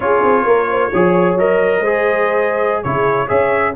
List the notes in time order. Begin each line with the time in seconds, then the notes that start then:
0.00 C#4 F4 G#4 C#5
0.23 C4
0.45 A#3 A#4
0.70 C5
0.90 F3 G#4 C#5
1.35 F#3 A#4 D#5
1.80 G#3 G#4 C5
2.82 C#3 E4 G#4 C#5
3.27 C#4 G#4 C#5 E5